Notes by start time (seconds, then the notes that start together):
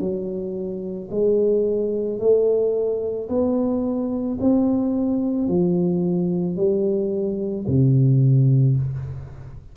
0.00 F#3
1.12 G#3
2.20 A3
3.29 B3
4.41 C4
5.48 F3
6.57 G3
7.68 C3